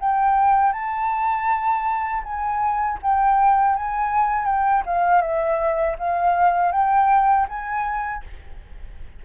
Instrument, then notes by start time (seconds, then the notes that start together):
flute
0.00 G5
0.73 A5
2.24 G#5
3.02 G5
3.76 G#5
4.46 G5
4.86 F5
5.22 E5
5.99 F5
6.72 G5
7.49 G#5